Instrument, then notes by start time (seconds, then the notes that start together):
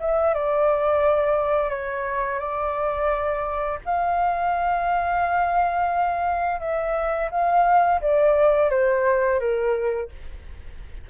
flute
0.00 E5
0.34 D5
1.70 C#5
2.39 D5
3.85 F5
6.60 E5
7.31 F5
8.01 D5
8.70 C5
9.40 A#4